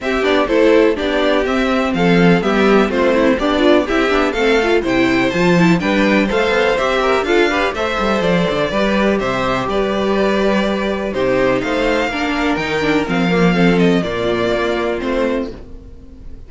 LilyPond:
<<
  \new Staff \with { instrumentName = "violin" } { \time 4/4 \tempo 4 = 124 e''8 d''8 c''4 d''4 e''4 | f''4 e''4 c''4 d''4 | e''4 f''4 g''4 a''4 | g''4 f''4 e''4 f''4 |
e''4 d''2 e''4 | d''2. c''4 | f''2 g''4 f''4~ | f''8 dis''8 d''2 c''4 | }
  \new Staff \with { instrumentName = "violin" } { \time 4/4 g'4 a'4 g'2 | a'4 g'4 f'8 e'8 d'4 | g'4 a'4 c''2 | b'4 c''4. ais'8 a'8 b'8 |
c''2 b'4 c''4 | b'2. g'4 | c''4 ais'2. | a'4 f'2. | }
  \new Staff \with { instrumentName = "viola" } { \time 4/4 c'8 d'8 e'4 d'4 c'4~ | c'4 b4 c'4 g'8 f'8 | e'8 d'8 c'8 f'8 e'4 f'8 e'8 | d'4 a'4 g'4 f'8 g'8 |
a'2 g'2~ | g'2. dis'4~ | dis'4 d'4 dis'8 d'8 c'8 ais8 | c'4 ais2 c'4 | }
  \new Staff \with { instrumentName = "cello" } { \time 4/4 c'8 b8 a4 b4 c'4 | f4 g4 a4 b4 | c'8 b8 a4 c4 f4 | g4 a8 b8 c'4 d'4 |
a8 g8 f8 d8 g4 c4 | g2. c4 | a4 ais4 dis4 f4~ | f4 ais,4 ais4 a4 | }
>>